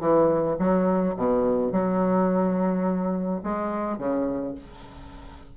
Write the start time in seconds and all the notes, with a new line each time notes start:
0.00 E3
0.59 F#3
1.16 B2
1.72 F#3
3.43 G#3
3.98 C#3